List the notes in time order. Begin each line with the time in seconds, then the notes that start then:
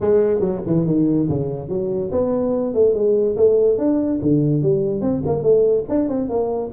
0.01 G#3
0.40 F#3
0.66 E3
0.86 D#3
1.28 C#3
1.68 F#3
2.11 B3
2.74 A3
2.94 G#3
3.36 A3
3.78 D4
4.22 D3
4.62 G3
5.01 C4
5.26 A#3
5.42 A3
5.88 D4
6.08 C4
6.29 A#3